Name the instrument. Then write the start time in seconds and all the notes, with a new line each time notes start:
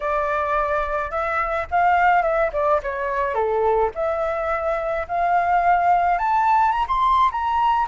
flute
0.00 D5
1.10 E5
1.70 F5
2.22 E5
2.52 D5
2.82 C#5
3.34 A4
3.94 E5
5.07 F5
6.18 A5
6.71 A#5
6.88 C6
7.31 A#5